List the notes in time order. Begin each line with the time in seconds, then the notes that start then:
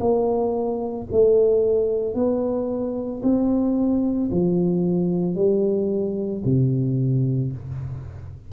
0.00 A#3
1.12 A3
2.15 B3
3.22 C4
4.31 F3
5.35 G3
6.45 C3